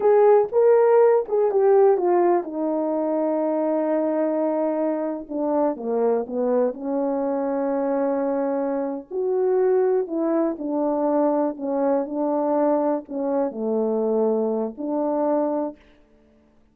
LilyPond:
\new Staff \with { instrumentName = "horn" } { \time 4/4 \tempo 4 = 122 gis'4 ais'4. gis'8 g'4 | f'4 dis'2.~ | dis'2~ dis'8. d'4 ais16~ | ais8. b4 cis'2~ cis'16~ |
cis'2~ cis'8 fis'4.~ | fis'8 e'4 d'2 cis'8~ | cis'8 d'2 cis'4 a8~ | a2 d'2 | }